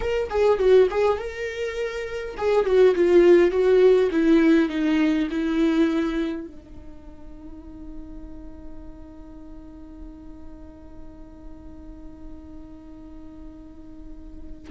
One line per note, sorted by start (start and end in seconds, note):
0.00 0.29 A#4
0.29 0.58 G#4
0.58 0.88 F#4
0.90 1.18 G#4
1.18 2.35 A#4
2.37 2.65 G#4
2.65 2.94 F#4
2.95 3.51 F4
3.51 4.10 F#4
4.11 4.69 E4
4.69 5.28 D#4
5.30 6.47 E4
6.47 14.70 D#4